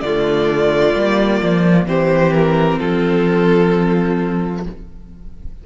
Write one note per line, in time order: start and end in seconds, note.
0.00 0.94 D3
0.00 0.95 A3
0.00 1.87 F4
0.00 1.85 D5
0.95 1.41 G3
0.95 1.87 A#3
1.42 1.85 F3
1.85 2.77 E3
1.85 4.63 C4
1.85 2.78 G4
1.85 2.33 C5
2.33 2.79 A#4
2.78 4.66 F3
2.78 4.63 F4
2.78 4.64 A4